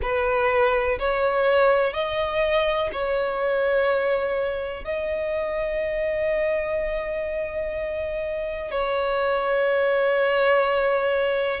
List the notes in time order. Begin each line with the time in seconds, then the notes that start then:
0.01 B4
0.99 C#5
1.93 D#5
2.92 C#5
4.84 D#5
8.71 C#5